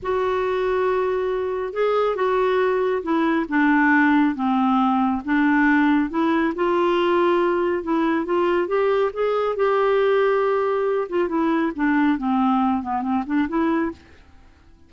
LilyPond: \new Staff \with { instrumentName = "clarinet" } { \time 4/4 \tempo 4 = 138 fis'1 | gis'4 fis'2 e'4 | d'2 c'2 | d'2 e'4 f'4~ |
f'2 e'4 f'4 | g'4 gis'4 g'2~ | g'4. f'8 e'4 d'4 | c'4. b8 c'8 d'8 e'4 | }